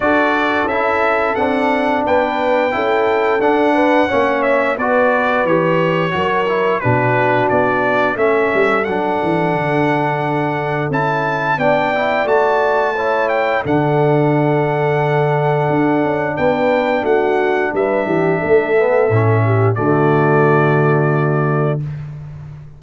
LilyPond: <<
  \new Staff \with { instrumentName = "trumpet" } { \time 4/4 \tempo 4 = 88 d''4 e''4 fis''4 g''4~ | g''4 fis''4. e''8 d''4 | cis''2 b'4 d''4 | e''4 fis''2. |
a''4 g''4 a''4. g''8 | fis''1 | g''4 fis''4 e''2~ | e''4 d''2. | }
  \new Staff \with { instrumentName = "horn" } { \time 4/4 a'2. b'4 | a'4. b'8 cis''4 b'4~ | b'4 ais'4 fis'2 | a'1~ |
a'4 d''2 cis''4 | a'1 | b'4 fis'4 b'8 g'8 a'4~ | a'8 g'8 fis'2. | }
  \new Staff \with { instrumentName = "trombone" } { \time 4/4 fis'4 e'4 d'2 | e'4 d'4 cis'4 fis'4 | g'4 fis'8 e'8 d'2 | cis'4 d'2. |
e'4 d'8 e'8 fis'4 e'4 | d'1~ | d'2.~ d'8 b8 | cis'4 a2. | }
  \new Staff \with { instrumentName = "tuba" } { \time 4/4 d'4 cis'4 c'4 b4 | cis'4 d'4 ais4 b4 | e4 fis4 b,4 b4 | a8 g8 fis8 e8 d2 |
cis'4 b4 a2 | d2. d'8 cis'8 | b4 a4 g8 e8 a4 | a,4 d2. | }
>>